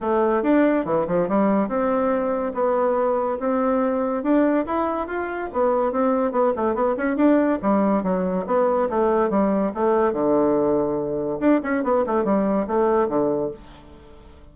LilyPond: \new Staff \with { instrumentName = "bassoon" } { \time 4/4 \tempo 4 = 142 a4 d'4 e8 f8 g4 | c'2 b2 | c'2 d'4 e'4 | f'4 b4 c'4 b8 a8 |
b8 cis'8 d'4 g4 fis4 | b4 a4 g4 a4 | d2. d'8 cis'8 | b8 a8 g4 a4 d4 | }